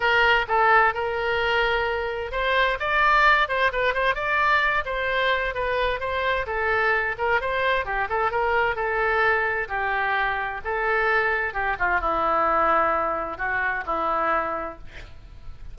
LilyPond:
\new Staff \with { instrumentName = "oboe" } { \time 4/4 \tempo 4 = 130 ais'4 a'4 ais'2~ | ais'4 c''4 d''4. c''8 | b'8 c''8 d''4. c''4. | b'4 c''4 a'4. ais'8 |
c''4 g'8 a'8 ais'4 a'4~ | a'4 g'2 a'4~ | a'4 g'8 f'8 e'2~ | e'4 fis'4 e'2 | }